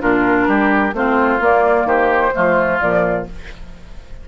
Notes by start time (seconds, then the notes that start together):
0.00 A#2 D4 F4 A#4
0.48 G3 G4
0.93 A3 C4 F4 C5
1.41 A#3 D5
1.85 D#3 G4 C5
2.34 F3 A3 F4
2.80 A#2 F3 D5